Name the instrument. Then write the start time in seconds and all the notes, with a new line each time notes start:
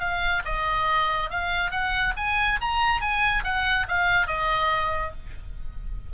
oboe
0.00 F5
0.45 D#5
1.30 F5
1.71 F#5
2.17 G#5
2.61 A#5
3.01 G#5
3.44 F#5
3.88 F5
4.27 D#5